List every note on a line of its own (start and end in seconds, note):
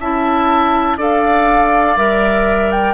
0.00 0.98 C#4
0.00 0.98 E4
0.00 0.98 E5
0.00 0.99 A5
0.98 1.96 D4
0.98 1.97 A4
0.98 2.94 D5
0.98 1.98 F5
1.97 2.94 G3
1.97 2.94 A#4
1.97 2.72 E5
2.72 2.94 G5